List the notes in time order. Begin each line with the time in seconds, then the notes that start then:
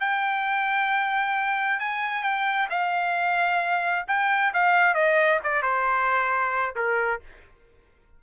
0.00 G5
1.80 G#5
2.23 G5
2.70 F5
4.08 G5
4.54 F5
4.95 D#5
5.44 D5
5.63 C5
6.76 A#4